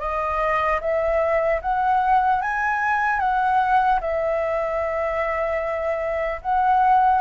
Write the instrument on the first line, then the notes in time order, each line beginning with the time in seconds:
flute
0.00 D#5
0.81 E5
1.62 F#5
2.42 G#5
3.20 F#5
4.01 E5
6.42 F#5